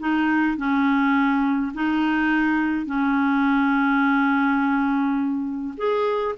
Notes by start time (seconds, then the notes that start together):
0.00 D#4
0.57 C#4
1.74 D#4
2.86 C#4
5.78 G#4